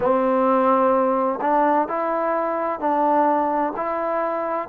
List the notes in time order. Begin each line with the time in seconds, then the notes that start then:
0.00 C4
1.41 D4
1.87 E4
2.79 D4
3.76 E4